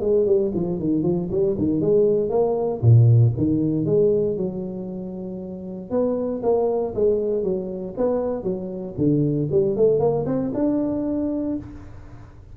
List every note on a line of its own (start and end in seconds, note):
0.00 0.26 G#3
0.26 0.51 G3
0.54 0.79 F3
0.79 1.03 D#3
1.03 1.28 F3
1.30 1.56 G3
1.58 1.80 D#3
1.80 2.29 G#3
2.29 2.80 A#3
2.81 3.33 A#2
3.37 3.85 D#3
3.85 4.36 G#3
4.36 5.90 F#3
5.90 6.41 B3
6.42 6.93 A#3
6.94 7.43 G#3
7.43 7.94 F#3
7.97 8.43 B3
8.43 8.94 F#3
8.97 9.48 D3
9.51 9.76 G3
9.76 9.99 A3
9.99 10.25 A#3
10.25 10.51 C4
10.54 11.56 D4